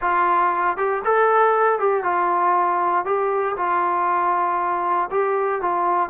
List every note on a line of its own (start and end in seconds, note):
0.01 0.77 F4
0.77 1.02 G4
1.04 1.79 A4
1.79 2.03 G4
2.03 3.05 F4
3.05 3.56 G4
3.56 5.09 F4
5.10 5.61 G4
5.61 6.09 F4